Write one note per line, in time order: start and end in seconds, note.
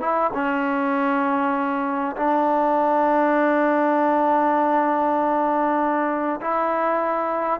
0.00 0.30 E4
0.34 2.16 C#4
2.16 6.40 D4
6.41 7.60 E4